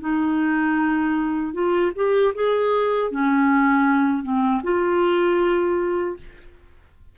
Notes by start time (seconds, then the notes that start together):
0.00 D#4
1.53 F4
1.95 G4
2.35 G#4
3.11 C#4
4.23 C4
4.63 F4